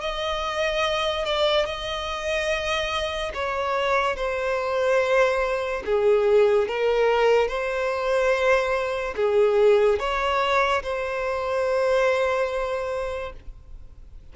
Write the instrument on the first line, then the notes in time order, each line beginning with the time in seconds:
violin
0.00 D#5
1.25 D5
1.66 D#5
3.34 C#5
4.16 C5
5.86 G#4
6.68 A#4
7.48 C5
9.16 G#4
9.99 C#5
10.83 C5